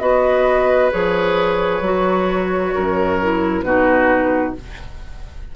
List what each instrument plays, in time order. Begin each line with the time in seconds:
0.00 bassoon B3, clarinet F#4, oboe B4, flute D#5
0.92 bassoon F3, clarinet G#4, flute C#5
1.81 bassoon F#3, clarinet F#4
2.75 bassoon F#2, oboe A#4
3.22 clarinet E4
3.62 bassoon B2, clarinet D#4, oboe F#4, flute B4